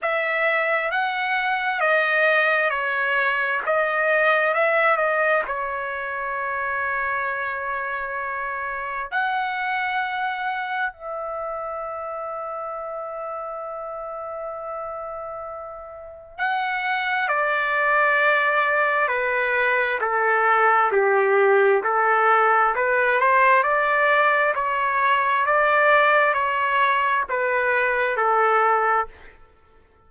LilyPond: \new Staff \with { instrumentName = "trumpet" } { \time 4/4 \tempo 4 = 66 e''4 fis''4 dis''4 cis''4 | dis''4 e''8 dis''8 cis''2~ | cis''2 fis''2 | e''1~ |
e''2 fis''4 d''4~ | d''4 b'4 a'4 g'4 | a'4 b'8 c''8 d''4 cis''4 | d''4 cis''4 b'4 a'4 | }